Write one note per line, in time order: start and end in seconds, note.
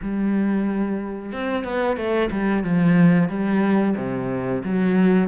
0.01 1.32 G3
1.32 1.64 C4
1.64 1.96 B3
1.96 2.29 A3
2.31 2.63 G3
2.63 3.28 F3
3.28 3.94 G3
3.96 4.62 C3
4.63 5.28 F#3